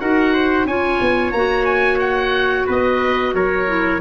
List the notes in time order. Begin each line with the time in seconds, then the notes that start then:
0.00 D#4 F#4 A#4 F#5
0.33 C5
0.65 C#4 F4 C#5 G#5
1.01 B3
1.31 A#3 F#4 A#5
1.65 G#5
1.99 F#5
2.66 B3 B4 D#5
3.34 F#3 A#4 C#5
3.67 E4